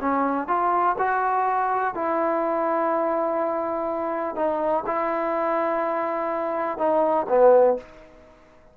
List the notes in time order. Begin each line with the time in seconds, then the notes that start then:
0.00 C#4
0.47 F4
0.98 F#4
1.94 E4
4.35 D#4
4.86 E4
6.78 D#4
7.28 B3